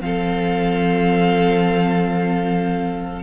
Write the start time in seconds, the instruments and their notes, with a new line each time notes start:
0.00 cello F3, viola C4, violin A4 F5